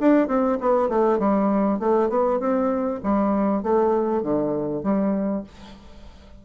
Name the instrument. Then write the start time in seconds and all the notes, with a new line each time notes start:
bassoon
0.00 D4
0.28 C4
0.61 B3
0.89 A3
1.19 G3
1.79 A3
2.09 B3
2.40 C4
3.03 G3
3.63 A3
4.23 D3
4.83 G3